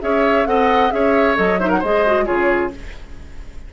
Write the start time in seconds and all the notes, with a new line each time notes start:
0.00 C#4 G#4 C#5 E5
0.45 C4 A4 D#5 F#5
0.91 C#4 G#4 C#5 E5
1.35 F#3 A4 D#5
1.59 D#4 C5 E5
1.68 A#4 F#5
1.78 G#3 G#4 C5 D#5
2.06 F#4
2.25 C#3 F4 G#4 C#5